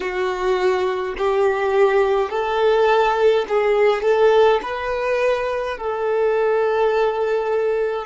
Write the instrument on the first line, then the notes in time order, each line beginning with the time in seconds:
violin
0.00 F#4
1.17 G4
2.30 A4
3.48 G#4
4.02 A4
4.62 B4
5.77 A4